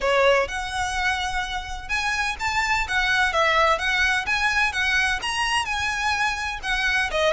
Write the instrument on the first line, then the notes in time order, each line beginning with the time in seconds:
violin
0.00 C#5
0.48 F#5
1.88 G#5
2.39 A5
2.88 F#5
3.32 E5
3.78 F#5
4.25 G#5
4.72 F#5
5.22 A#5
5.65 G#5
6.62 F#5
7.10 D#5